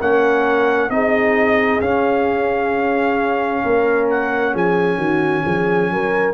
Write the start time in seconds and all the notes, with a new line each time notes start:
0.00 A#3 C#4 A#4 F#5
0.90 C4 D#4 G#4 D#5
1.81 C#4 F5
3.64 A#3 A#4
4.10 F#5
4.53 F3 G#4 G#5
4.97 D#3 F#4
5.45 F3 G#4
5.91 F#3 A#4